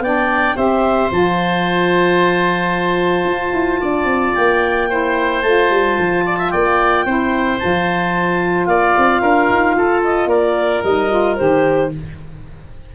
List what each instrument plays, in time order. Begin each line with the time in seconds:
0.00 tuba B3, saxophone D4, oboe D5, clarinet G5
0.56 tuba C4, saxophone G4, oboe C5, clarinet E5
1.11 tuba F3, saxophone F4, clarinet A5
3.25 tuba F4
3.53 tuba E4
3.81 tuba D4, oboe D5
4.04 tuba C4
4.35 tuba A#3, clarinet G5
4.89 saxophone E4, oboe C5
5.42 tuba A3, saxophone F4, clarinet A5
5.70 tuba G3
5.99 tuba F3
6.25 oboe D5
6.38 oboe E5
6.50 tuba A#3, oboe D5, clarinet G5
7.05 tuba C4, saxophone E4, oboe C5
7.59 tuba F3, saxophone F4, clarinet A5
8.65 tuba A#3, oboe D5, clarinet F5
8.98 tuba C4
9.22 tuba D4, oboe A#4
9.50 tuba D#4
9.76 tuba F4, oboe A4
10.04 clarinet D#5
10.26 tuba A#3, oboe A#4, clarinet D5
10.84 tuba G3, saxophone D#4, clarinet D#5
11.11 saxophone F4
11.36 tuba D#3, saxophone G4, clarinet C5